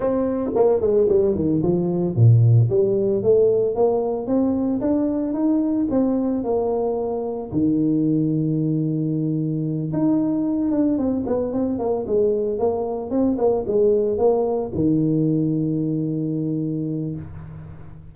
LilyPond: \new Staff \with { instrumentName = "tuba" } { \time 4/4 \tempo 4 = 112 c'4 ais8 gis8 g8 dis8 f4 | ais,4 g4 a4 ais4 | c'4 d'4 dis'4 c'4 | ais2 dis2~ |
dis2~ dis8 dis'4. | d'8 c'8 b8 c'8 ais8 gis4 ais8~ | ais8 c'8 ais8 gis4 ais4 dis8~ | dis1 | }